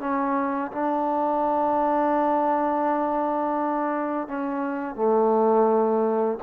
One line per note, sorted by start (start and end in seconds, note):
0.00 0.71 C#4
0.72 4.28 D4
4.28 4.96 C#4
4.96 6.39 A3